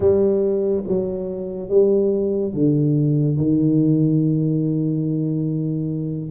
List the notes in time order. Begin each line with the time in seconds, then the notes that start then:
0.00 G3
0.87 F#3
1.69 G3
2.53 D3
3.36 D#3